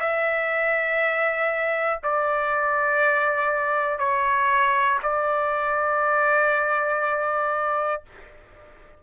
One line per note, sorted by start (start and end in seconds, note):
0.00 2.00 E5
2.03 3.99 D5
3.99 4.99 C#5
5.03 8.03 D5